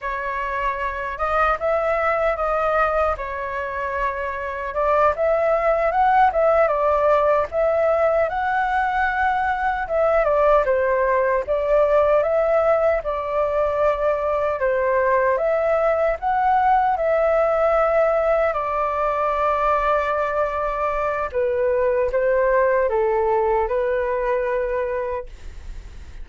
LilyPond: \new Staff \with { instrumentName = "flute" } { \time 4/4 \tempo 4 = 76 cis''4. dis''8 e''4 dis''4 | cis''2 d''8 e''4 fis''8 | e''8 d''4 e''4 fis''4.~ | fis''8 e''8 d''8 c''4 d''4 e''8~ |
e''8 d''2 c''4 e''8~ | e''8 fis''4 e''2 d''8~ | d''2. b'4 | c''4 a'4 b'2 | }